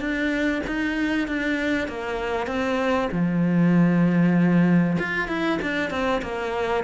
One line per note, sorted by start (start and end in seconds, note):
0.00 0.62 D4
0.67 1.28 D#4
1.28 1.88 D4
1.88 2.47 A#3
2.47 3.09 C4
3.12 4.97 F3
4.98 5.28 F4
5.28 5.59 E4
5.62 5.90 D4
5.90 6.21 C4
6.22 6.84 A#3